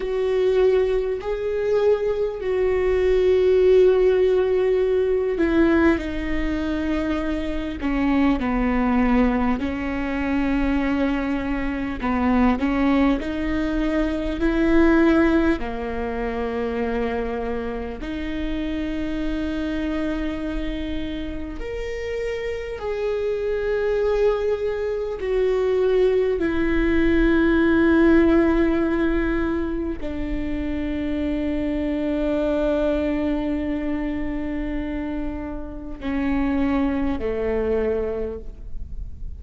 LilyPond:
\new Staff \with { instrumentName = "viola" } { \time 4/4 \tempo 4 = 50 fis'4 gis'4 fis'2~ | fis'8 e'8 dis'4. cis'8 b4 | cis'2 b8 cis'8 dis'4 | e'4 ais2 dis'4~ |
dis'2 ais'4 gis'4~ | gis'4 fis'4 e'2~ | e'4 d'2.~ | d'2 cis'4 a4 | }